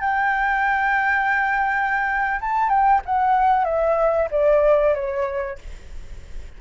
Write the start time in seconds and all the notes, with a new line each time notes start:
0.00 G5
2.40 A5
2.69 G5
3.05 F#5
3.64 E5
4.30 D5
4.94 C#5